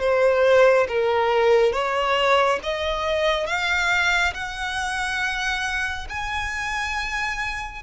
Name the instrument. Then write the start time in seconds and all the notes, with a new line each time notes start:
violin
0.00 C5
0.88 A#4
1.72 C#5
2.63 D#5
3.46 F5
4.34 F#5
6.09 G#5